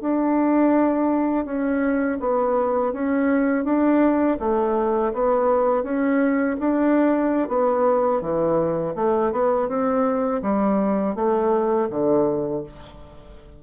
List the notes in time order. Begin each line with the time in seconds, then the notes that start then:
0.00 D4
1.45 C#4
2.20 B3
2.93 C#4
3.64 D4
4.39 A3
5.13 B3
5.83 C#4
6.60 D4
7.48 B3
8.21 E3
8.95 A3
9.32 B3
9.68 C4
10.42 G3
11.15 A3
11.90 D3